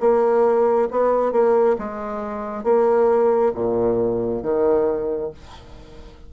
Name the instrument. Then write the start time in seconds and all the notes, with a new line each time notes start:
bassoon
0.00 A#3
0.91 B3
1.32 A#3
1.78 G#3
2.64 A#3
3.54 A#2
4.42 D#3